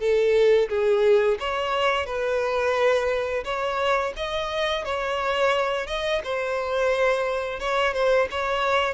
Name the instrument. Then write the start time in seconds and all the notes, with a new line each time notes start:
violin
0.00 A4
0.69 G#4
1.40 C#5
2.06 B4
3.45 C#5
4.17 D#5
4.85 C#5
5.87 D#5
6.24 C5
7.60 C#5
7.94 C5
8.31 C#5